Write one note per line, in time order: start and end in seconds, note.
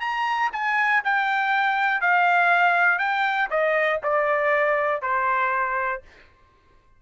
0.00 0.50 A#5
0.53 1.02 G#5
1.04 2.01 G5
2.01 2.99 F5
2.99 3.49 G5
3.50 4.00 D#5
4.03 5.01 D5
5.01 6.01 C5